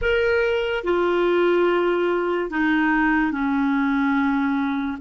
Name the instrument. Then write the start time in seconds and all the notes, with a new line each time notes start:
clarinet
0.01 A#4
0.83 F4
2.50 D#4
3.31 C#4